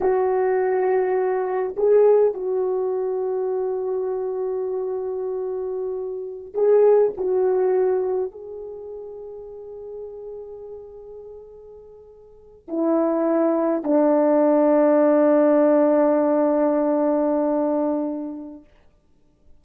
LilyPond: \new Staff \with { instrumentName = "horn" } { \time 4/4 \tempo 4 = 103 fis'2. gis'4 | fis'1~ | fis'2.~ fis'16 gis'8.~ | gis'16 fis'2 gis'4.~ gis'16~ |
gis'1~ | gis'4.~ gis'16 e'2 d'16~ | d'1~ | d'1 | }